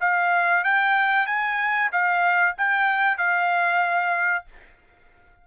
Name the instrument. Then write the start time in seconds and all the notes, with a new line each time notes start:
trumpet
0.00 F5
0.64 G5
1.26 G#5
1.91 F5
2.57 G5
3.17 F5